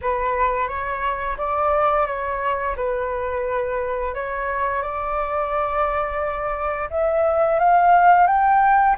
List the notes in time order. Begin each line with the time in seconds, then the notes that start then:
0.01 B4
0.67 C#5
1.37 D5
2.06 C#5
2.76 B4
4.14 C#5
4.82 D5
6.90 E5
7.59 F5
8.27 G5